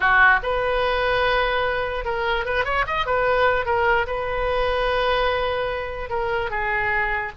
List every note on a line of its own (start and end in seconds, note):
0.00 0.40 F#4
0.42 2.04 B4
2.04 2.45 A#4
2.45 2.65 B4
2.65 2.85 C#5
2.87 3.06 D#5
3.06 3.65 B4
3.65 4.06 A#4
4.06 6.09 B4
6.09 6.50 A#4
6.50 7.32 G#4